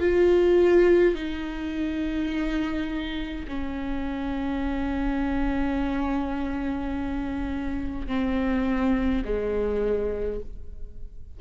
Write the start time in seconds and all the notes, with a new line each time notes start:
0.00 F4
1.15 D#4
3.48 C#4
8.08 C4
9.25 G#3